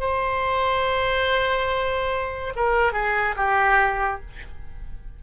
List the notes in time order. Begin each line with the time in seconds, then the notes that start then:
0.00 C5
2.56 A#4
2.93 G#4
3.37 G4